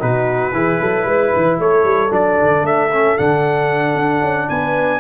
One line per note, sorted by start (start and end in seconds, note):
0.00 0.53 B2
0.00 0.53 D#4
0.00 0.54 F#4
0.00 1.60 B4
0.53 0.79 E3
0.53 2.10 E4
0.53 0.81 G#4
0.81 1.05 F#3
0.81 1.07 A4
1.05 1.31 G#3
1.05 1.59 B4
1.36 1.59 E3
1.59 1.84 A3
1.59 4.50 A4
1.59 2.13 C#5
1.84 2.11 G3
2.10 2.38 F#3
2.10 2.89 D4
2.10 2.66 D5
2.42 2.62 D3
2.62 3.15 A3
2.62 3.18 E5
2.93 3.18 C#4
3.18 3.95 D3
3.18 5.01 D4
3.18 4.49 F#5
3.95 4.21 D4
4.22 4.48 C#4
4.49 5.01 B3
4.49 5.01 B4
4.49 5.01 G#5